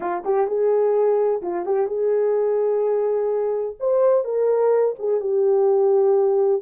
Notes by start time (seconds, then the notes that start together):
0.00 F4
0.24 G4
0.47 G#4
1.42 F4
1.65 G4
1.87 G#4
3.79 C5
4.24 A#4
4.98 G#4
5.20 G4